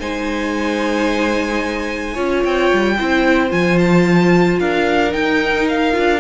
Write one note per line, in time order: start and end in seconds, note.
0.00 2.17 G#3
0.00 2.15 D#4
0.00 2.14 C5
0.00 2.44 G#5
2.14 2.44 C#4
2.14 2.96 F4
2.14 2.95 C#5
2.45 2.72 C4
2.45 3.52 G5
2.73 3.00 G3
2.99 3.52 C4
2.99 3.49 E4
2.99 4.61 C5
3.49 4.60 F3
3.49 5.10 F4
3.49 3.78 G#5
3.78 4.59 A5
4.60 5.14 D4
4.60 6.20 A#4
4.60 5.13 F5
5.10 5.91 D#4
5.10 5.96 D#4
5.10 5.67 G5
5.68 6.20 F5
5.92 6.20 D4
5.92 6.19 F4